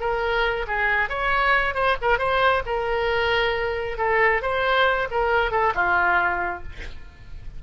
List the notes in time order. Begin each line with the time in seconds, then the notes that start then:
0.00 A#4
0.67 G#4
1.09 C#5
1.74 C5
2.02 A#4
2.18 C5
2.66 A#4
3.98 A4
4.42 C5
5.11 A#4
5.51 A4
5.75 F4